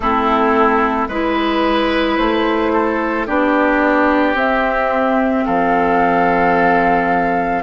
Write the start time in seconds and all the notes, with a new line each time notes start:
0.00 A3 C4 E4 A4
1.08 G#3 E4 B4
2.17 A3 C5
2.72 A4
3.26 B3 D4 G4 D5
4.34 C4 E5
5.45 F3 A4 F5